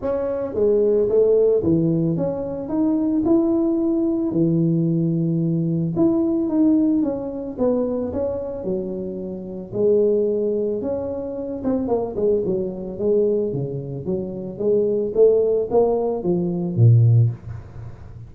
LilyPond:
\new Staff \with { instrumentName = "tuba" } { \time 4/4 \tempo 4 = 111 cis'4 gis4 a4 e4 | cis'4 dis'4 e'2 | e2. e'4 | dis'4 cis'4 b4 cis'4 |
fis2 gis2 | cis'4. c'8 ais8 gis8 fis4 | gis4 cis4 fis4 gis4 | a4 ais4 f4 ais,4 | }